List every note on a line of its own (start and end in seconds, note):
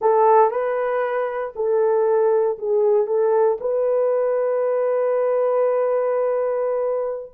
0.01 0.50 A4
0.50 1.53 B4
1.55 2.58 A4
2.58 3.07 G#4
3.07 3.58 A4
3.60 7.32 B4